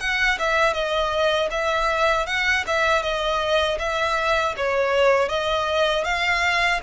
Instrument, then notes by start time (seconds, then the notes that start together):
violin
0.00 F#5
0.38 E5
0.73 D#5
1.51 E5
2.26 F#5
2.67 E5
3.02 D#5
3.78 E5
4.57 C#5
5.29 D#5
6.04 F5